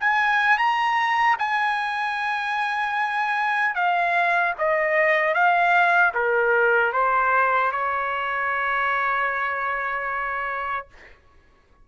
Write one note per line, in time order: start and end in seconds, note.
0.00 0.57 G#5
0.57 1.36 A#5
1.39 3.75 G#5
3.75 4.54 F5
4.58 5.34 D#5
5.34 6.13 F5
6.14 6.93 A#4
6.93 7.72 C5
7.72 10.88 C#5